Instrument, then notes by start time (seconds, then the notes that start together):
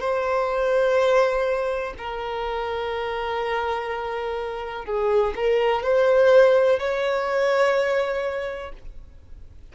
violin
0.00 C5
1.98 A#4
4.85 G#4
5.35 A#4
5.83 C5
6.79 C#5